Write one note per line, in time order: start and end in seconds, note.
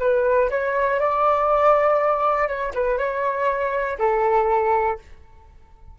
0.00 0.50 B4
0.50 1.00 C#5
1.00 2.48 D5
2.48 2.73 C#5
2.75 2.98 B4
2.98 3.98 C#5
3.99 4.99 A4